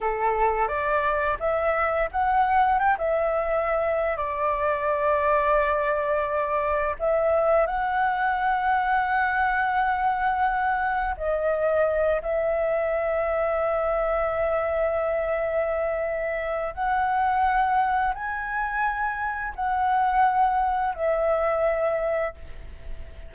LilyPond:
\new Staff \with { instrumentName = "flute" } { \time 4/4 \tempo 4 = 86 a'4 d''4 e''4 fis''4 | g''16 e''4.~ e''16 d''2~ | d''2 e''4 fis''4~ | fis''1 |
dis''4. e''2~ e''8~ | e''1 | fis''2 gis''2 | fis''2 e''2 | }